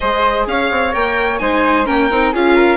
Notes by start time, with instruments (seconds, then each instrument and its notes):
0.00 bassoon G#3, viola G#4, flute C5, violin D#5
0.46 bassoon C#4, flute C#5, violin F5
0.71 bassoon C4
0.92 bassoon A#3, viola A#4, violin G5
1.38 bassoon G#3, viola D#4, flute C5, violin G#5
1.85 bassoon A#3, viola C#4, flute A#4, violin G5
2.10 bassoon C4, viola D#4
2.32 bassoon C#4, viola F4, flute G#4, violin F5
2.54 flute A#4